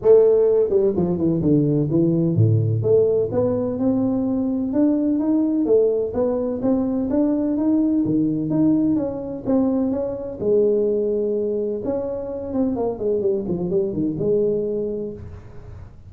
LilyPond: \new Staff \with { instrumentName = "tuba" } { \time 4/4 \tempo 4 = 127 a4. g8 f8 e8 d4 | e4 a,4 a4 b4 | c'2 d'4 dis'4 | a4 b4 c'4 d'4 |
dis'4 dis4 dis'4 cis'4 | c'4 cis'4 gis2~ | gis4 cis'4. c'8 ais8 gis8 | g8 f8 g8 dis8 gis2 | }